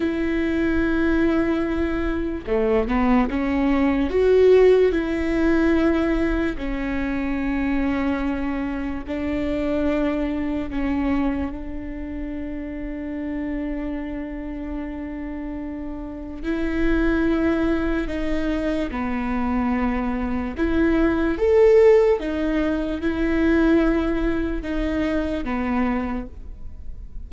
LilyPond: \new Staff \with { instrumentName = "viola" } { \time 4/4 \tempo 4 = 73 e'2. a8 b8 | cis'4 fis'4 e'2 | cis'2. d'4~ | d'4 cis'4 d'2~ |
d'1 | e'2 dis'4 b4~ | b4 e'4 a'4 dis'4 | e'2 dis'4 b4 | }